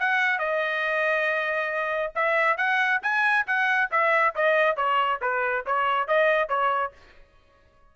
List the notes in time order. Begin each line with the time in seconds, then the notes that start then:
0.00 F#5
0.39 D#5
2.16 E5
2.58 F#5
3.03 G#5
3.47 F#5
3.92 E5
4.36 D#5
4.77 C#5
5.22 B4
5.66 C#5
6.08 D#5
6.49 C#5